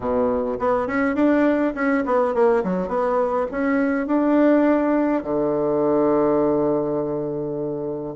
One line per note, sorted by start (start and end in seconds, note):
0.00 0.57 B2
0.59 0.87 B3
0.87 1.15 C#4
1.15 1.73 D4
1.74 2.04 C#4
2.05 2.34 B3
2.34 2.63 A#3
2.63 2.88 F#3
2.88 3.46 B3
3.51 4.06 C#4
4.06 5.23 D4
5.23 8.14 D3